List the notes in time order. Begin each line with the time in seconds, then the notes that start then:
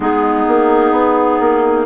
0.00 G#3 B3 D#4 G#4
0.47 A#3
0.91 B3
1.39 A#3